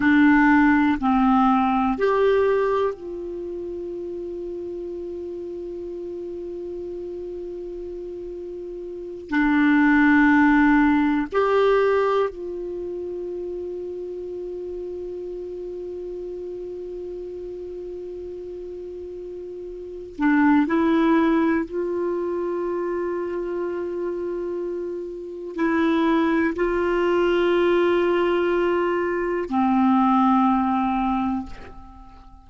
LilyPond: \new Staff \with { instrumentName = "clarinet" } { \time 4/4 \tempo 4 = 61 d'4 c'4 g'4 f'4~ | f'1~ | f'4. d'2 g'8~ | g'8 f'2.~ f'8~ |
f'1~ | f'8 d'8 e'4 f'2~ | f'2 e'4 f'4~ | f'2 c'2 | }